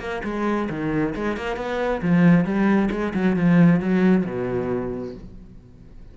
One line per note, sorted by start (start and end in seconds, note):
0.00 0.22 A#3
0.24 0.69 G#3
0.70 1.15 D#3
1.16 1.37 G#3
1.37 1.57 A#3
1.57 2.02 B3
2.02 2.45 F3
2.45 2.90 G3
2.91 3.14 G#3
3.14 3.37 F#3
3.37 3.81 F3
3.81 4.25 F#3
4.26 5.15 B2